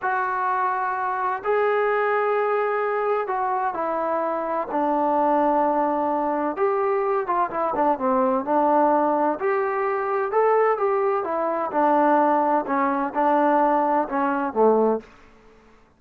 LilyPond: \new Staff \with { instrumentName = "trombone" } { \time 4/4 \tempo 4 = 128 fis'2. gis'4~ | gis'2. fis'4 | e'2 d'2~ | d'2 g'4. f'8 |
e'8 d'8 c'4 d'2 | g'2 a'4 g'4 | e'4 d'2 cis'4 | d'2 cis'4 a4 | }